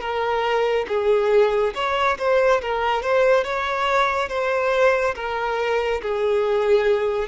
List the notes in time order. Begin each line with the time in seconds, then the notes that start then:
0.00 A#4
0.88 G#4
1.75 C#5
2.19 C5
2.61 A#4
3.02 C5
3.44 C#5
4.29 C5
5.15 A#4
6.02 G#4